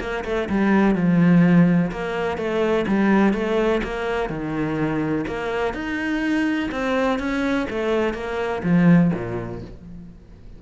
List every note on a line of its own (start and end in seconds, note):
0.00 0.24 A#3
0.24 0.48 A3
0.49 0.95 G3
0.95 1.91 F3
1.91 2.37 A#3
2.37 2.85 A3
2.87 3.33 G3
3.33 3.81 A3
3.83 4.29 A#3
4.29 5.25 D#3
5.27 5.74 A#3
5.74 6.70 D#4
6.71 7.19 C4
7.19 7.67 C#4
7.70 8.14 A3
8.14 8.62 A#3
8.63 9.11 F3
9.14 9.62 A#2